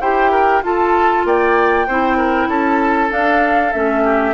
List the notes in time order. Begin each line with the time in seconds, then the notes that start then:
0.00 E4 G4 C5 G5
0.31 A#4
0.62 F4 A4 A5
1.24 A#3 D5 G5
1.87 C4 E4 C5
2.17 A#4
2.47 C#4 A4 A5
3.09 D4 F5
3.72 A3 C#4 E5
4.03 G4